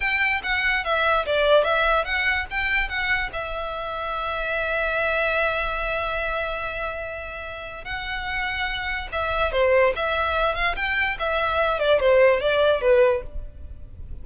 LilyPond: \new Staff \with { instrumentName = "violin" } { \time 4/4 \tempo 4 = 145 g''4 fis''4 e''4 d''4 | e''4 fis''4 g''4 fis''4 | e''1~ | e''1~ |
e''2. fis''4~ | fis''2 e''4 c''4 | e''4. f''8 g''4 e''4~ | e''8 d''8 c''4 d''4 b'4 | }